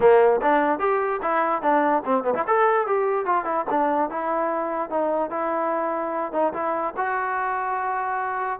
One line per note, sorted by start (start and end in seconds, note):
0.00 0.40 A#3
0.41 0.79 D4
0.79 1.20 G4
1.22 1.62 E4
1.62 2.02 D4
2.05 2.23 C4
2.23 2.34 B3
2.34 2.44 E4
2.47 2.87 A4
2.87 3.25 G4
3.25 3.44 F4
3.44 3.65 E4
3.70 4.10 D4
4.10 4.90 E4
4.90 5.30 D#4
5.30 6.32 E4
6.32 6.52 D#4
6.53 6.94 E4
6.96 8.59 F#4